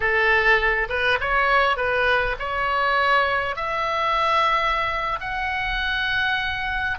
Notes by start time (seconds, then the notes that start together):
0.00 A4
0.89 B4
1.20 C#5
1.76 B4
2.39 C#5
3.56 E5
5.20 F#5